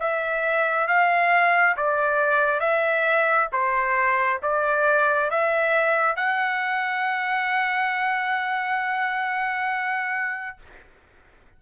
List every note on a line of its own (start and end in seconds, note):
0.00 0.88 E5
0.88 1.76 F5
1.77 2.60 D5
2.60 3.49 E5
3.52 4.40 C5
4.42 5.31 D5
5.31 6.16 E5
6.16 10.57 F#5